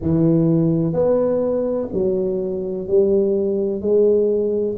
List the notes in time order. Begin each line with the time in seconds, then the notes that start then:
0.01 E3
0.93 B3
1.92 F#3
2.87 G3
3.81 G#3